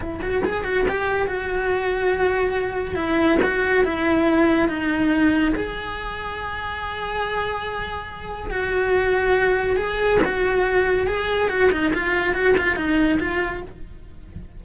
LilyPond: \new Staff \with { instrumentName = "cello" } { \time 4/4 \tempo 4 = 141 e'8 fis'8 gis'8 fis'8 g'4 fis'4~ | fis'2. e'4 | fis'4 e'2 dis'4~ | dis'4 gis'2.~ |
gis'1 | fis'2. gis'4 | fis'2 gis'4 fis'8 dis'8 | f'4 fis'8 f'8 dis'4 f'4 | }